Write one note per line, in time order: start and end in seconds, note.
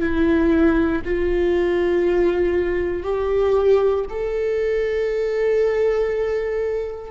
0.00 1.02 E4
1.04 3.03 F4
3.03 4.04 G4
4.09 7.11 A4